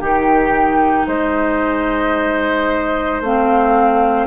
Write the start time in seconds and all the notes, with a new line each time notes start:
0.00 D#3 D#4 G4 G5
1.07 G#3 C5 D#5
3.21 A3 C4 F5